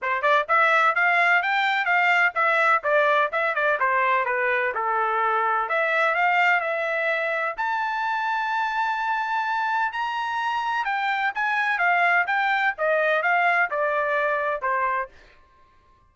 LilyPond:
\new Staff \with { instrumentName = "trumpet" } { \time 4/4 \tempo 4 = 127 c''8 d''8 e''4 f''4 g''4 | f''4 e''4 d''4 e''8 d''8 | c''4 b'4 a'2 | e''4 f''4 e''2 |
a''1~ | a''4 ais''2 g''4 | gis''4 f''4 g''4 dis''4 | f''4 d''2 c''4 | }